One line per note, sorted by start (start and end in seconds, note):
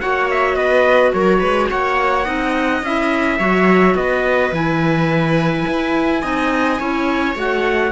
0.00 0.56 A#3
0.00 2.25 F#4
0.00 0.56 C#5
0.00 0.28 F#5
0.30 0.55 E5
0.55 1.12 B3
0.55 1.13 B4
0.55 1.12 D#5
1.13 1.42 F#3
1.13 1.39 A#4
1.13 1.69 C#5
1.39 1.70 G#3
1.39 1.67 B4
1.70 2.26 A#3
1.70 2.25 C#5
1.70 2.84 F#5
2.25 2.82 C4
2.25 2.81 D#4
2.25 3.38 D#5
2.82 3.39 C#4
2.82 3.39 E4
2.82 3.96 E5
3.38 3.94 F#3
3.38 4.52 F#4
3.38 3.95 C#5
3.94 4.51 B3
3.94 6.22 B4
3.94 4.52 D#5
4.51 5.65 E3
4.51 6.22 E4
4.51 7.37 G#5
5.66 6.23 E4
6.22 6.80 C4
6.22 6.78 D#4
6.22 6.78 D#5
6.79 7.35 C#4
6.79 7.34 E4
6.79 7.91 C#5
7.34 7.91 A3
7.34 7.91 F#4
7.34 7.91 F#5